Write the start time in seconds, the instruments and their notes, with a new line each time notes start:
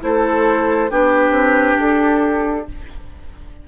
0.00 bassoon A3, clarinet E4, oboe A4, flute C5
0.90 bassoon B3, clarinet D4, oboe G4, flute B4
1.30 bassoon C4
1.79 bassoon D4, flute A4